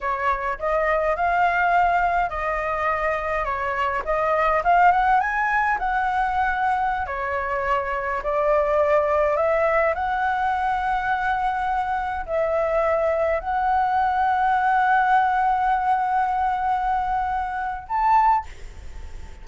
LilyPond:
\new Staff \with { instrumentName = "flute" } { \time 4/4 \tempo 4 = 104 cis''4 dis''4 f''2 | dis''2 cis''4 dis''4 | f''8 fis''8 gis''4 fis''2~ | fis''16 cis''2 d''4.~ d''16~ |
d''16 e''4 fis''2~ fis''8.~ | fis''4~ fis''16 e''2 fis''8.~ | fis''1~ | fis''2. a''4 | }